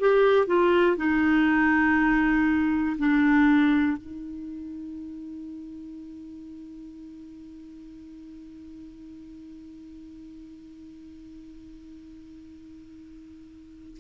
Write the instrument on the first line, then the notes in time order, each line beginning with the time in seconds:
clarinet
0.00 G4
0.47 F4
0.97 D#4
2.98 D4
3.98 D#4